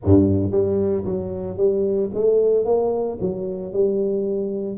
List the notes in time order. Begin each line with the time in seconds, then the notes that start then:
0.04 G2
0.51 G3
1.05 F#3
1.57 G3
2.14 A3
2.65 A#3
3.21 F#3
3.72 G3